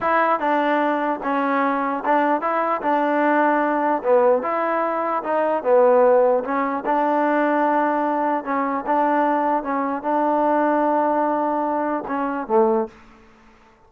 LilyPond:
\new Staff \with { instrumentName = "trombone" } { \time 4/4 \tempo 4 = 149 e'4 d'2 cis'4~ | cis'4 d'4 e'4 d'4~ | d'2 b4 e'4~ | e'4 dis'4 b2 |
cis'4 d'2.~ | d'4 cis'4 d'2 | cis'4 d'2.~ | d'2 cis'4 a4 | }